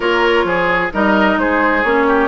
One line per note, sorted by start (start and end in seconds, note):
0.00 0.43 A#3
0.00 0.91 F4
0.00 0.45 A#4
0.00 0.89 C#5
0.43 0.89 F3
0.43 0.92 G#4
0.92 1.37 G3
0.92 1.83 D#4
0.92 1.39 A#4
0.92 1.38 D#5
1.37 1.83 G#3
1.37 2.07 G#4
1.37 1.83 C5
1.83 2.27 A#3
1.83 2.27 C#4
1.83 2.27 C#5
2.07 2.27 G4